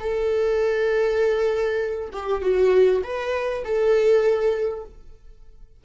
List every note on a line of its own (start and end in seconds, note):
0.00 2.10 A4
2.12 2.42 G4
2.42 3.02 F#4
3.04 3.64 B4
3.64 4.84 A4